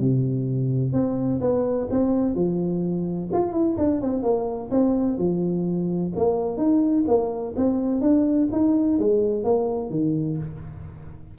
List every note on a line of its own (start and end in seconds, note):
0.00 0.93 C3
0.93 1.40 C4
1.41 1.89 B3
1.91 2.36 C4
2.36 3.30 F3
3.33 3.53 F4
3.53 3.76 E4
3.78 4.02 D4
4.02 4.23 C4
4.23 4.71 A#3
4.72 5.18 C4
5.18 6.13 F3
6.17 6.58 A#3
6.58 7.05 D#4
7.08 7.55 A#3
7.57 8.02 C4
8.02 8.49 D4
8.53 8.99 D#4
8.99 9.44 G#3
9.44 9.90 A#3
9.90 10.38 D#3